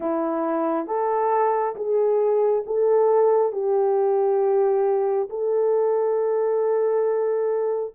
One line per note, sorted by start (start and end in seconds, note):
0.00 0.86 E4
0.87 1.75 A4
1.75 2.64 G#4
2.66 3.52 A4
3.52 5.29 G4
5.29 7.94 A4